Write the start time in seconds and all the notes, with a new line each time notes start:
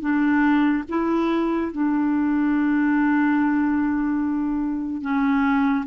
0.00 D4
0.89 E4
1.72 D4
5.01 C#4